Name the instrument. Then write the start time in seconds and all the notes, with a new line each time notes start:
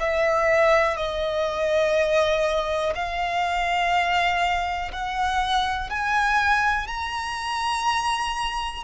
violin
0.00 E5
0.97 D#5
2.95 F5
4.92 F#5
5.90 G#5
6.88 A#5